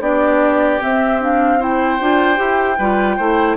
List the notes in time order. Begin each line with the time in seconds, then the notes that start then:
0.00 B3 D4 G4 D5
0.80 C4 E5
1.20 D4 F5
1.59 E4 C5 G5
2.00 D4 F4
2.36 E4 G4
2.78 G3 F4 B4
3.17 A3 E4 C5